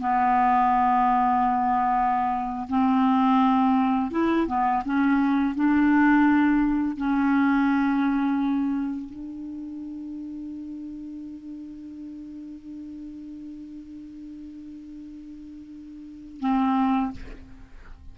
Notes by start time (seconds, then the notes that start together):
0.00 B3
2.69 C4
4.11 E4
4.47 B3
4.85 C#4
5.55 D4
6.97 C#4
9.10 D4
16.40 C4